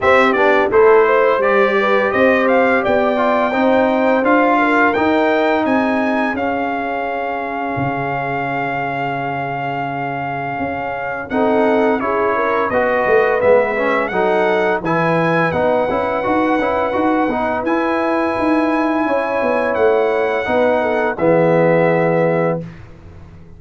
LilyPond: <<
  \new Staff \with { instrumentName = "trumpet" } { \time 4/4 \tempo 4 = 85 e''8 d''8 c''4 d''4 dis''8 f''8 | g''2 f''4 g''4 | gis''4 f''2.~ | f''1 |
fis''4 cis''4 dis''4 e''4 | fis''4 gis''4 fis''2~ | fis''4 gis''2. | fis''2 e''2 | }
  \new Staff \with { instrumentName = "horn" } { \time 4/4 g'4 a'8 c''4 b'8 c''4 | d''4 c''4. ais'4. | gis'1~ | gis'1 |
a'4 gis'8 ais'8 b'2 | a'4 b'2.~ | b'2. cis''4~ | cis''4 b'8 a'8 gis'2 | }
  \new Staff \with { instrumentName = "trombone" } { \time 4/4 c'8 d'8 e'4 g'2~ | g'8 f'8 dis'4 f'4 dis'4~ | dis'4 cis'2.~ | cis'1 |
dis'4 e'4 fis'4 b8 cis'8 | dis'4 e'4 dis'8 e'8 fis'8 e'8 | fis'8 dis'8 e'2.~ | e'4 dis'4 b2 | }
  \new Staff \with { instrumentName = "tuba" } { \time 4/4 c'8 b8 a4 g4 c'4 | b4 c'4 d'4 dis'4 | c'4 cis'2 cis4~ | cis2. cis'4 |
c'4 cis'4 b8 a8 gis4 | fis4 e4 b8 cis'8 dis'8 cis'8 | dis'8 b8 e'4 dis'4 cis'8 b8 | a4 b4 e2 | }
>>